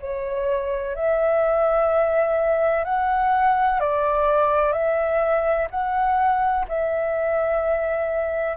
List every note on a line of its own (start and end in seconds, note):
0.00 0.95 C#5
0.95 2.84 E5
2.84 3.80 F#5
3.80 4.72 D5
4.72 5.68 E5
5.70 6.65 F#5
6.68 8.57 E5